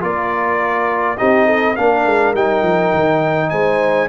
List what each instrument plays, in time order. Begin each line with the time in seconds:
0.00 tuba A#3, trombone F4, horn A#4, trumpet D5
1.17 tuba C4, trombone D#4, horn G4, trumpet D#5
1.46 horn A4
1.76 tuba A#3, trombone D4, horn A#4, trumpet F5
2.05 tuba G#3
2.34 tuba G3, trombone D#4, trumpet G5
2.62 tuba F3
2.94 tuba D#3
3.49 tuba G#3, horn C5, trumpet G#5